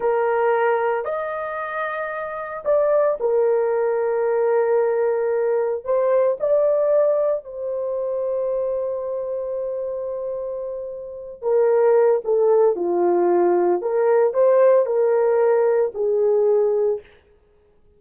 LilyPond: \new Staff \with { instrumentName = "horn" } { \time 4/4 \tempo 4 = 113 ais'2 dis''2~ | dis''4 d''4 ais'2~ | ais'2. c''4 | d''2 c''2~ |
c''1~ | c''4. ais'4. a'4 | f'2 ais'4 c''4 | ais'2 gis'2 | }